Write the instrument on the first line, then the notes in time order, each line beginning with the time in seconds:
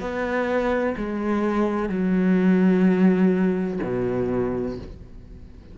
cello
0.00 B3
0.97 G#3
1.88 F#3
3.82 B2